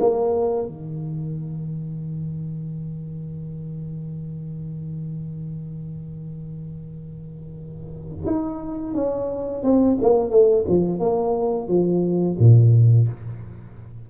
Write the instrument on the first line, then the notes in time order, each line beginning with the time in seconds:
tuba
0.00 A#3
0.67 D#3
8.26 D#4
8.95 C#4
9.63 C4
10.02 A#3
10.30 A3
10.68 F3
11.00 A#3
11.68 F3
12.39 A#2